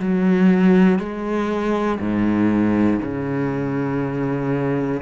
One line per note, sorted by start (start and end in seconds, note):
0.00 0.99 F#3
0.99 1.99 G#3
2.00 3.00 G#2
3.02 5.02 C#3